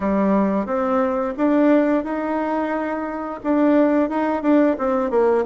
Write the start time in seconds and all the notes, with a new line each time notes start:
0.00 G3
0.65 C4
1.37 D4
2.03 D#4
3.43 D4
4.09 D#4
4.42 D4
4.78 C4
5.10 A#3